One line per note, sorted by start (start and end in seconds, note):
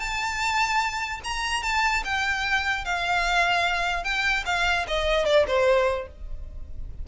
0.00 1.21 A5
1.24 1.63 A#5
1.63 2.04 A5
2.05 2.85 G5
2.85 4.04 F5
4.04 4.45 G5
4.46 4.87 F5
4.88 5.26 D#5
5.26 5.46 D5
5.48 6.08 C5